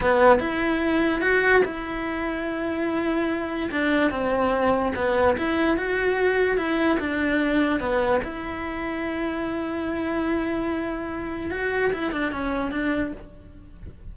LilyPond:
\new Staff \with { instrumentName = "cello" } { \time 4/4 \tempo 4 = 146 b4 e'2 fis'4 | e'1~ | e'4 d'4 c'2 | b4 e'4 fis'2 |
e'4 d'2 b4 | e'1~ | e'1 | fis'4 e'8 d'8 cis'4 d'4 | }